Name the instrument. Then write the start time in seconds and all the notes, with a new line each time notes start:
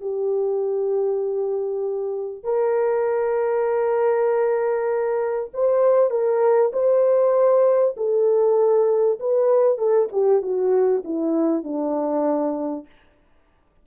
horn
0.00 G4
2.43 A#4
5.53 C5
6.10 A#4
6.72 C5
7.96 A4
9.19 B4
9.77 A4
10.12 G4
10.41 F#4
11.04 E4
11.63 D4